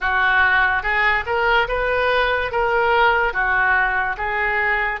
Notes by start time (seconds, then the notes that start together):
0.00 F#4
0.82 G#4
1.25 A#4
1.68 B4
2.51 A#4
3.33 F#4
4.17 G#4